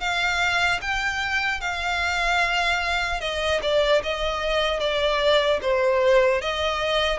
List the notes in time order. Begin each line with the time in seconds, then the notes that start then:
0.00 F5
0.81 G5
1.61 F5
3.21 D#5
3.62 D5
4.03 D#5
4.80 D5
5.62 C5
6.41 D#5